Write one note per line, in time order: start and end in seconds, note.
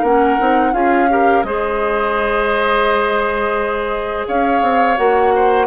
0.00 0.37 A#3
0.00 0.39 C#4
0.00 0.71 A#4
0.00 0.73 F#5
0.39 0.73 C4
0.39 0.72 D#4
0.72 1.43 C#4
0.72 1.08 F4
0.72 1.09 G#4
0.72 1.43 F5
1.09 1.44 G4
1.09 1.46 A#4
1.43 4.25 G#3
1.43 4.97 G#4
1.43 4.27 C5
1.43 4.25 D#5
4.27 4.62 C#4
4.27 5.33 C#5
4.27 4.97 F5
4.62 4.97 C4
4.97 5.66 A#3
4.97 5.66 F#4
4.97 5.66 F#5
5.35 5.66 C5